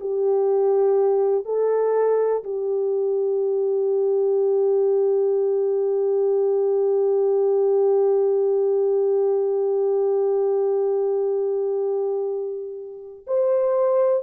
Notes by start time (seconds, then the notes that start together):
0.00 G4
1.45 A4
2.44 G4
13.27 C5